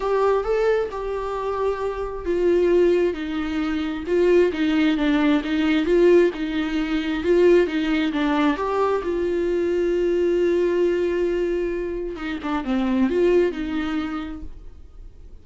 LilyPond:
\new Staff \with { instrumentName = "viola" } { \time 4/4 \tempo 4 = 133 g'4 a'4 g'2~ | g'4 f'2 dis'4~ | dis'4 f'4 dis'4 d'4 | dis'4 f'4 dis'2 |
f'4 dis'4 d'4 g'4 | f'1~ | f'2. dis'8 d'8 | c'4 f'4 dis'2 | }